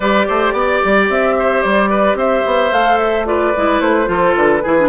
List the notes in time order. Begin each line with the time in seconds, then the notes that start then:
0.00 G3 G4 B4 D5
0.28 A3 C5
0.52 B3 D5
0.84 G3
1.09 C4 E5
1.39 C5
1.62 G3 D5
1.90 B4
2.14 C4 C5 E5
2.45 B3
2.71 A3 A4 F5
2.97 E5
3.25 F4 B4 D5
3.56 G#3 E4
3.80 A3 C5
4.05 F3 F4 A4
4.36 D3 B4
4.62 E3 E4 G#4
4.78 D4